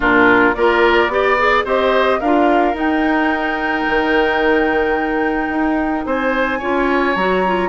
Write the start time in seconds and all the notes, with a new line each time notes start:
0.00 A#2 D4 F4 A#4
0.54 A#3 F4 A#4 D5
1.08 B3 G4 D5
1.38 G#4
1.64 C4 G4 C5 D#5
2.19 D4 F4 A#4 F5
2.74 D#4 G5
3.87 D#3
5.48 D#4
6.05 C4 C5 G#5
6.58 C#4 F4 C#5
7.15 F#3 F#4 A#5
7.46 F4